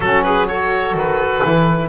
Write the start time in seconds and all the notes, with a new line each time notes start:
0.00 F#3 C#4 F#4 A4
0.22 G#4 B4
0.47 F#4 A4 C#5
0.94 D#3 B4
1.42 E3 E4